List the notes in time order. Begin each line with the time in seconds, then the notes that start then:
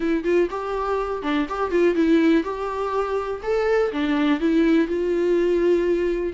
0.00 E4
0.24 F4
0.50 G4
1.22 D4
1.49 G4
1.70 F4
1.95 E4
2.43 G4
3.42 A4
3.92 D4
4.39 E4
4.87 F4